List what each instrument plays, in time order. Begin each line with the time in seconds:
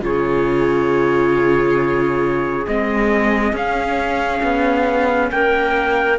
0.00 cello C#3, viola F4, clarinet G#4, trumpet C#5
2.67 cello G#3, viola C4, trumpet D#5
3.52 cello C#4, viola C#4, trumpet F5
4.42 cello B3
5.31 cello A#3, clarinet A#4, trumpet G5